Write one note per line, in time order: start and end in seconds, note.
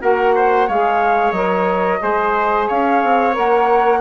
0.00 0.68 A#3
0.00 0.67 F#4
0.00 0.34 A#4
0.00 0.69 F#5
0.35 0.67 C5
0.67 1.32 G#3
0.67 1.34 G#4
0.67 2.01 C#5
0.67 1.31 F5
1.31 1.98 F#3
1.31 1.99 A#4
1.31 2.65 D#5
1.99 2.69 G#3
1.99 3.32 G#4
1.99 2.67 C5
2.67 3.03 C#4
2.67 4.01 C#5
2.67 3.35 F5
3.03 3.36 C4
3.32 4.01 A#3
3.32 3.99 A#4
3.32 4.01 F#5